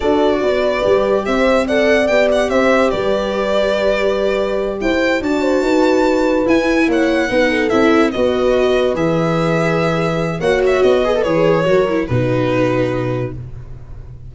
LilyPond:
<<
  \new Staff \with { instrumentName = "violin" } { \time 4/4 \tempo 4 = 144 d''2. e''4 | fis''4 g''8 fis''8 e''4 d''4~ | d''2.~ d''8 g''8~ | g''8 a''2. gis''8~ |
gis''8 fis''2 e''4 dis''8~ | dis''4. e''2~ e''8~ | e''4 fis''8 e''8 dis''4 cis''4~ | cis''4 b'2. | }
  \new Staff \with { instrumentName = "horn" } { \time 4/4 a'4 b'2 c''4 | d''2 c''4 b'4~ | b'2.~ b'8 c''8~ | c''8 d''8 c''8 b'2~ b'8~ |
b'8 cis''4 b'8 a'4. b'8~ | b'1~ | b'4 cis''4. b'4. | ais'4 fis'2. | }
  \new Staff \with { instrumentName = "viola" } { \time 4/4 fis'2 g'2 | a'4 g'2.~ | g'1~ | g'8 fis'2. e'8~ |
e'4. dis'4 e'4 fis'8~ | fis'4. gis'2~ gis'8~ | gis'4 fis'4. gis'16 a'16 gis'4 | fis'8 e'8 dis'2. | }
  \new Staff \with { instrumentName = "tuba" } { \time 4/4 d'4 b4 g4 c'4~ | c'4 b4 c'4 g4~ | g2.~ g8 e'8~ | e'8 d'4 dis'2 e'8~ |
e'8 ais4 b4 c'4 b8~ | b4. e2~ e8~ | e4 ais4 b4 e4 | fis4 b,2. | }
>>